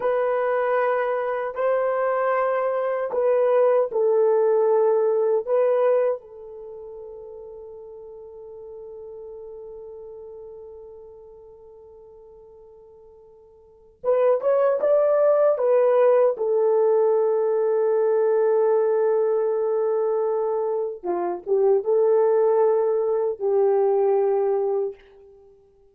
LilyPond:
\new Staff \with { instrumentName = "horn" } { \time 4/4 \tempo 4 = 77 b'2 c''2 | b'4 a'2 b'4 | a'1~ | a'1~ |
a'2 b'8 cis''8 d''4 | b'4 a'2.~ | a'2. f'8 g'8 | a'2 g'2 | }